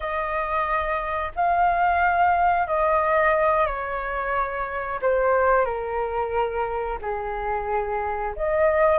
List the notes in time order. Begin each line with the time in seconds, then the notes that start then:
0.00 D#5
1.35 F5
2.67 D#5
3.66 C#5
5.02 C5
5.65 A#4
7.01 G#4
8.35 D#5